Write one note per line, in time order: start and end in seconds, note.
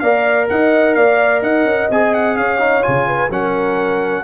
0.00 0.49 A#3
0.00 1.91 A#4
0.00 0.49 D5
0.00 0.47 F5
0.50 0.97 D#4
0.50 0.97 D#5
0.50 0.95 F#5
0.95 1.42 A#3
0.95 1.44 D5
0.95 1.42 F5
1.42 1.65 D#4
1.42 2.38 D#5
1.42 1.90 F#5
1.65 1.88 C#4
1.90 2.37 C4
1.90 2.59 G#4
1.90 2.15 G#5
2.15 2.37 F#5
2.37 2.84 C#4
2.37 3.08 C#5
2.37 2.83 F5
2.59 2.82 D#4
2.82 3.30 C#3
2.82 3.29 F4
2.82 3.30 G#5
3.08 3.32 B4
3.30 4.24 F#3
3.30 4.24 C#4
3.30 4.24 A#4
3.30 4.24 F#5